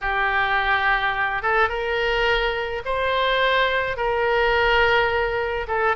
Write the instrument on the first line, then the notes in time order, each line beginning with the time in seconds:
oboe
0.01 G4
1.42 A4
1.69 A#4
2.85 C5
3.96 A#4
5.67 A4